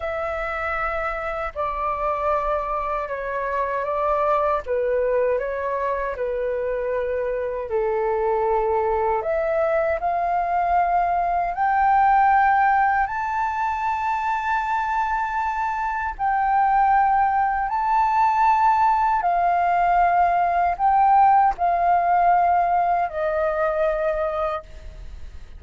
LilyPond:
\new Staff \with { instrumentName = "flute" } { \time 4/4 \tempo 4 = 78 e''2 d''2 | cis''4 d''4 b'4 cis''4 | b'2 a'2 | e''4 f''2 g''4~ |
g''4 a''2.~ | a''4 g''2 a''4~ | a''4 f''2 g''4 | f''2 dis''2 | }